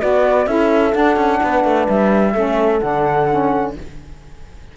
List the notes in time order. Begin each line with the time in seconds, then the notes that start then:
0.00 B3 F#4 B4 D5
0.47 C#4 E4 A4 E5
0.91 D4 F#5
1.16 C#4
1.42 B3 B4
1.64 A3
1.88 G3 E5
2.33 A3 C#4 A4
2.79 D3 D4 F#5
3.30 C#4